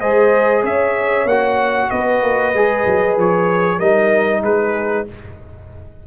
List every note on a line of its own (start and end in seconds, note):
0.00 0.63 G#3
0.00 1.28 G#4
0.00 0.63 C5
0.00 0.63 D#5
0.63 1.25 C#4
0.63 1.89 C#5
0.63 1.28 E5
1.25 1.88 A#3
1.25 2.55 F#4
1.25 1.90 F#5
1.90 2.22 B3
1.90 3.78 B4
1.90 3.17 D#5
2.22 2.54 A#3
2.54 2.86 G#3
2.54 3.81 G#4
2.86 3.17 F#3
3.17 3.79 F3
3.17 3.79 C#5
3.78 4.42 G3
3.78 5.07 D#4
3.78 4.41 A#4
3.78 4.42 D#5
4.42 5.06 G#3
4.42 5.07 G#4
4.42 5.07 B4